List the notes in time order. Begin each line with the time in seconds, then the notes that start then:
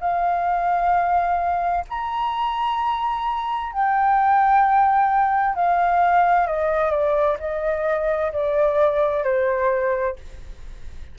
0.00 F5
1.89 A#5
3.72 G5
5.55 F5
6.46 D#5
6.90 D5
7.39 D#5
8.32 D5
9.23 C5